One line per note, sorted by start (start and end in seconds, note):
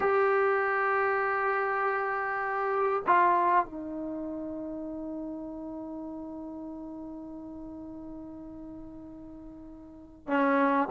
0.00 3.02 G4
3.06 3.65 F4
3.65 10.27 D#4
10.27 10.88 C#4